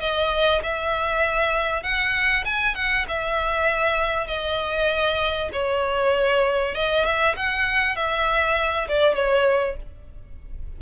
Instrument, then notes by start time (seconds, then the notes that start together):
violin
0.00 D#5
0.62 E5
1.83 F#5
2.45 G#5
2.75 F#5
3.08 E5
4.26 D#5
5.52 C#5
6.75 D#5
7.05 E5
7.36 F#5
7.95 E5
8.88 D5
9.14 C#5